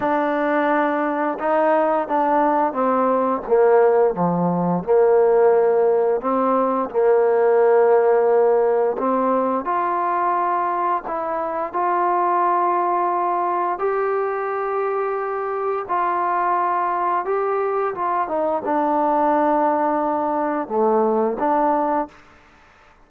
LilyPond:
\new Staff \with { instrumentName = "trombone" } { \time 4/4 \tempo 4 = 87 d'2 dis'4 d'4 | c'4 ais4 f4 ais4~ | ais4 c'4 ais2~ | ais4 c'4 f'2 |
e'4 f'2. | g'2. f'4~ | f'4 g'4 f'8 dis'8 d'4~ | d'2 a4 d'4 | }